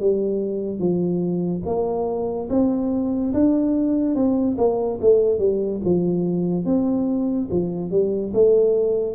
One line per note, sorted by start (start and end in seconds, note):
0.00 0.79 G3
0.79 1.62 F3
1.66 2.49 A#3
2.50 3.33 C4
3.34 4.15 D4
4.15 4.56 C4
4.58 4.99 A#3
5.01 5.39 A3
5.39 5.81 G3
5.84 6.65 F3
6.65 7.48 C4
7.50 7.91 F3
7.91 8.32 G3
8.33 9.15 A3